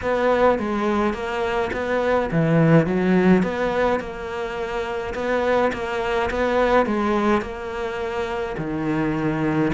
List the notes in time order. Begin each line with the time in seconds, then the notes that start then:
0.02 B3
0.58 G#3
1.13 A#3
1.72 B3
2.31 E3
2.86 F#3
3.42 B3
3.99 A#3
5.14 B3
5.72 A#3
6.30 B3
6.86 G#3
7.41 A#3
8.57 D#3